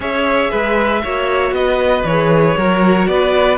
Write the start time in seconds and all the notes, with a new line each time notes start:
0.00 C#4 G#4 C#5 E5
0.50 G#3 B4
1.03 A#3 F#4 C#5
1.51 B3 B4 D#5
2.04 E3 G#4 C#5
2.57 F#3 F#4 A#4
3.07 B3 B4 D5